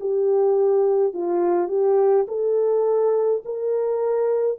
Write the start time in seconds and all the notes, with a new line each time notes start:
0.00 G4
1.13 F4
1.68 G4
2.28 A4
3.45 A#4